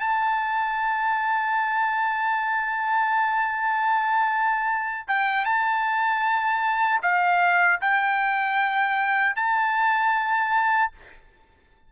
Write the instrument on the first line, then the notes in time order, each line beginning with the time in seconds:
trumpet
0.00 A5
5.08 G5
5.45 A5
7.02 F5
7.81 G5
9.36 A5